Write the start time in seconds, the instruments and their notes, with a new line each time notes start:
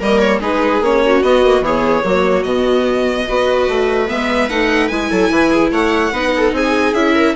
0.00 bassoon G3, viola A#3 A#4, violin D#5
0.20 violin C#5
0.40 bassoon G#3, viola D#4 G#4, violin B4
0.81 bassoon A#3, viola C#4, violin C#5
1.06 viola F#4
1.23 bassoon B3, viola B3, violin D#5
1.44 viola A#3
1.61 bassoon E3, viola B3 G#4, violin C#5
2.04 bassoon F#3, viola A#3 F#4
2.44 bassoon B2, viola B3, violin D#5
3.29 bassoon B3, viola F#4 B4
3.69 bassoon A3
4.08 bassoon G#3, viola B3, violin E5
4.49 bassoon A3, viola D#4, violin F#5
4.88 bassoon G#3, viola E4, violin G#5
5.11 bassoon F#3, viola A4
5.30 bassoon E3, viola B4
5.51 viola G#4
5.72 bassoon A3, viola C#5, violin F#5
6.12 bassoon B3, viola D#4 B4
6.37 viola A4
6.52 bassoon C4, viola G#4, violin G#5
6.94 bassoon C#4, viola E4, violin E5
7.15 viola A#4